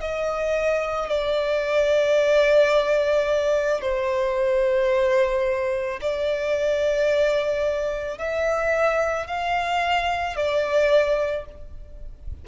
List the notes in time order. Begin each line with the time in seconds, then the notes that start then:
0.00 D#5
1.09 D5
3.81 C5
6.01 D5
8.18 E5
9.27 F5
10.36 D5